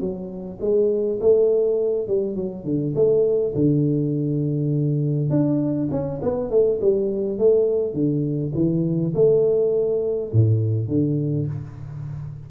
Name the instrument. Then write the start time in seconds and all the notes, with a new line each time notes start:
tuba
0.00 F#3
0.60 G#3
1.20 A3
2.07 G3
2.35 F#3
2.64 D3
2.95 A3
3.55 D3
5.30 D4
5.91 C#4
6.22 B3
6.50 A3
6.81 G3
7.38 A3
7.94 D3
8.54 E3
9.14 A3
10.32 A2
10.88 D3